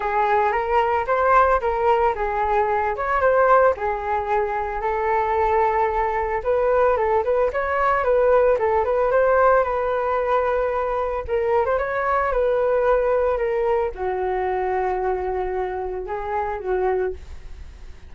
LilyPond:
\new Staff \with { instrumentName = "flute" } { \time 4/4 \tempo 4 = 112 gis'4 ais'4 c''4 ais'4 | gis'4. cis''8 c''4 gis'4~ | gis'4 a'2. | b'4 a'8 b'8 cis''4 b'4 |
a'8 b'8 c''4 b'2~ | b'4 ais'8. c''16 cis''4 b'4~ | b'4 ais'4 fis'2~ | fis'2 gis'4 fis'4 | }